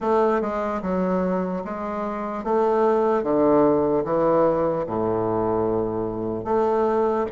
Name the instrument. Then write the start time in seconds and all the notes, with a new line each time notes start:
bassoon
0.00 A3
0.41 G#3
0.81 F#3
1.64 G#3
2.43 A3
3.22 D3
4.04 E3
4.86 A2
6.44 A3